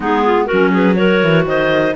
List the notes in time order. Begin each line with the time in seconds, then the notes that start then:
0.00 G#3 B3 D#4 G#4
0.24 F4
0.45 C#4 F#4 A#4
0.52 F#3
0.71 G#4 B4
0.94 F#4 A#4 C#5
1.22 E3
1.45 D#3 C5 D#5